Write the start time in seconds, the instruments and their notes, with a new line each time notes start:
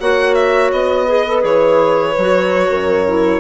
0.00 bassoon A#3, clarinet F#4, horn C#5, violin F#5
0.35 violin E5
0.72 bassoon B3, violin D#5
1.07 clarinet G#4, horn B4
1.27 clarinet A4
1.41 bassoon E3, clarinet G#4, violin C#5
2.17 bassoon F#3, clarinet F#4
2.69 bassoon F#2, horn A#4
3.07 clarinet E4